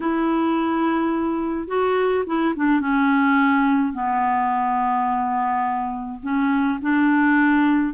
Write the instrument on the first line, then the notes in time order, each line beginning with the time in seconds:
clarinet
0.00 E4
1.67 F#4
2.26 E4
2.56 D4
2.80 C#4
3.93 B3
6.22 C#4
6.81 D4